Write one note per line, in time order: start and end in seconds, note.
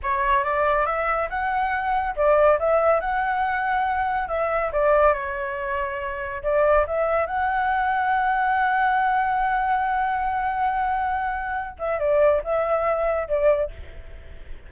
0.02 0.43 C#5
0.43 0.86 D5
0.86 1.28 E5
1.29 2.15 F#5
2.16 2.59 D5
2.59 3.00 E5
3.00 4.28 F#5
4.28 4.71 E5
4.72 5.13 D5
5.13 6.42 C#5
6.42 6.85 D5
6.86 7.26 E5
7.26 11.76 F#5
11.79 11.99 E5
11.99 12.41 D5
12.44 13.28 E5
13.28 13.70 D5